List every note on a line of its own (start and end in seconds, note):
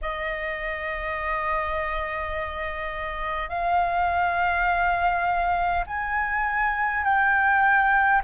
0.01 3.49 D#5
3.49 5.84 F5
5.86 7.04 G#5
7.04 8.21 G5